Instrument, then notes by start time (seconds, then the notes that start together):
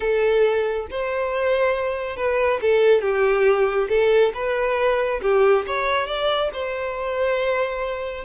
violin
0.00 A4
0.90 C5
2.16 B4
2.61 A4
3.01 G4
3.89 A4
4.34 B4
5.22 G4
5.66 C#5
6.07 D5
6.53 C5